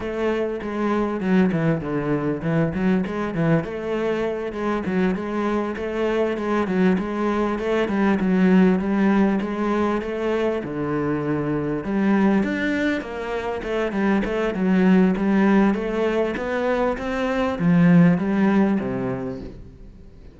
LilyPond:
\new Staff \with { instrumentName = "cello" } { \time 4/4 \tempo 4 = 99 a4 gis4 fis8 e8 d4 | e8 fis8 gis8 e8 a4. gis8 | fis8 gis4 a4 gis8 fis8 gis8~ | gis8 a8 g8 fis4 g4 gis8~ |
gis8 a4 d2 g8~ | g8 d'4 ais4 a8 g8 a8 | fis4 g4 a4 b4 | c'4 f4 g4 c4 | }